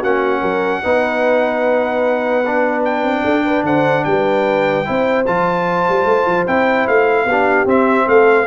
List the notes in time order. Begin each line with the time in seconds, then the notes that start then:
0.00 A#3 C#4 F#4 F#5
0.41 F#3 A#4
0.83 B3 D#4 B4
2.46 D4
2.84 G5
3.04 C4
3.23 D4 A4
3.45 B4
3.63 D3 C5 F#5
4.04 G3 B4 G5
4.85 C4 E4 C5
5.26 F3 F4 A5
5.89 G3
6.05 A3
6.26 F3
6.47 C4 E4 G5
6.87 A3 F5
7.25 B3 D4 G4
7.65 C4 E5
8.07 A3 A4 F5